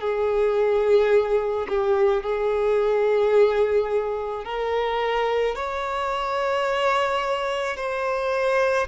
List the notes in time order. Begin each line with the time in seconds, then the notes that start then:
0.00 G#4
1.68 G4
2.23 G#4
4.44 A#4
5.56 C#5
7.76 C5